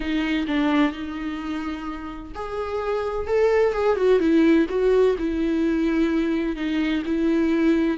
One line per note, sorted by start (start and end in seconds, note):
0.00 0.46 D#4
0.47 0.92 D4
0.92 2.32 D#4
2.34 3.27 G#4
3.27 3.72 A4
3.72 3.96 G#4
3.96 4.19 F#4
4.19 4.66 E4
4.69 5.16 F#4
5.18 6.56 E4
6.56 7.02 D#4
7.05 7.97 E4